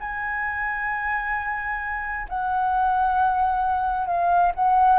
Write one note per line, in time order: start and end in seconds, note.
0.00 2.27 G#5
2.29 4.07 F#5
4.07 4.52 F5
4.55 4.99 F#5